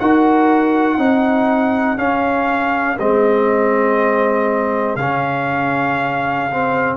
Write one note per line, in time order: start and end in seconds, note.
0.00 0.98 D#4
0.00 0.98 F#4
0.00 0.98 A#4
0.00 1.98 F#5
0.98 1.98 C4
0.98 1.98 D#4
0.98 6.97 G#4
1.98 2.98 C#4
1.98 2.98 F5
2.99 4.96 G#3
2.99 4.99 C4
2.99 4.96 D#5
4.96 6.96 C#3
4.96 6.50 C#4
4.96 6.96 F5
6.51 6.97 C4